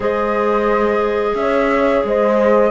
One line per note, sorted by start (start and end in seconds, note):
0.00 1.33 G#3
0.00 2.70 G#4
0.00 1.35 C5
0.00 1.35 D#5
1.34 2.03 C#4
1.34 2.07 C#5
1.34 2.04 E5
2.04 2.70 G#3
2.04 2.70 C5
2.04 2.70 D#5